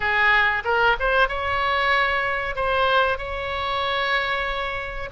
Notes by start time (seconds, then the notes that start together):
0.00 G#4
0.64 A#4
0.99 C5
1.28 C#5
2.55 C5
3.17 C#5